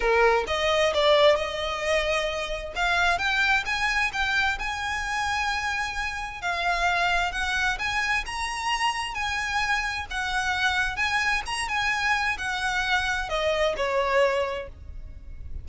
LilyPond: \new Staff \with { instrumentName = "violin" } { \time 4/4 \tempo 4 = 131 ais'4 dis''4 d''4 dis''4~ | dis''2 f''4 g''4 | gis''4 g''4 gis''2~ | gis''2 f''2 |
fis''4 gis''4 ais''2 | gis''2 fis''2 | gis''4 ais''8 gis''4. fis''4~ | fis''4 dis''4 cis''2 | }